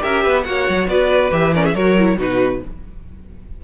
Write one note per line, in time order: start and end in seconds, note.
0.00 0.26 C#4
0.00 0.43 G4
0.00 0.23 A#4
0.00 0.43 E5
0.23 0.47 B3
0.23 0.44 B4
0.43 0.68 A#3
0.43 1.31 F#4
0.43 0.90 C#5
0.43 0.86 F#5
0.69 0.87 F#3
0.87 1.31 B3
0.87 1.53 B4
0.87 1.31 D5
1.31 1.74 E3
1.31 1.53 G4
1.31 1.54 E5
1.53 1.76 C#4
1.53 1.64 A#4
1.53 1.65 D5
1.64 1.74 G#4
1.64 1.75 E5
1.74 2.17 F#3
1.74 1.97 F#4
1.74 2.17 A#4
1.74 2.18 C#5
1.98 2.18 E4
2.18 2.61 B2
2.18 2.61 D#4
2.18 2.61 F#4
2.18 2.64 B4